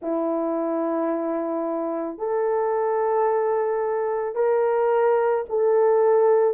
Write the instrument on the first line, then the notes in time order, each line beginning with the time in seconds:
horn
0.01 E4
2.18 A4
4.35 A#4
5.49 A4